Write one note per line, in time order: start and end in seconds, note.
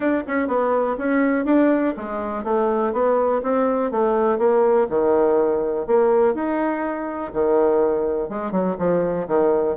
0.00 0.23 D4
0.27 0.47 C#4
0.47 0.96 B3
0.98 1.45 C#4
1.45 1.94 D4
1.96 2.43 G#3
2.43 2.92 A3
2.92 3.41 B3
3.42 3.91 C4
3.91 4.38 A3
4.38 4.87 A#3
4.89 5.86 D#3
5.86 6.34 A#3
6.34 7.31 D#4
7.33 8.29 D#3
8.29 8.51 G#3
8.51 8.76 F#3
8.78 9.27 F3
9.27 9.76 D#3